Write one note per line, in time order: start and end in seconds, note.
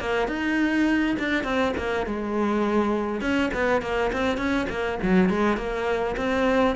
0.00 0.28 A#3
0.28 1.17 D#4
1.19 1.44 D4
1.44 1.74 C4
1.77 2.07 A#3
2.07 3.21 G#3
3.21 3.51 C#4
3.54 3.82 B3
3.82 4.12 A#3
4.13 4.38 C4
4.38 4.67 C#4
4.70 4.99 A#3
5.03 5.30 F#3
5.30 5.57 G#3
5.57 6.16 A#3
6.17 6.76 C4